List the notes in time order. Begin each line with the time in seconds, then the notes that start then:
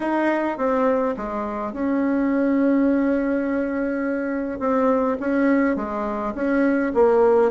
0.00 D#4
0.57 C4
1.16 G#3
1.73 C#4
4.59 C4
5.19 C#4
5.75 G#3
6.34 C#4
6.94 A#3